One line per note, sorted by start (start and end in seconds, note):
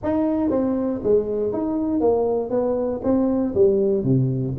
0.03 0.50 D#4
0.50 1.00 C4
1.03 1.52 G#3
1.52 2.00 D#4
2.00 2.50 A#3
2.50 3.00 B3
3.03 3.54 C4
3.54 4.03 G3
4.03 4.54 C3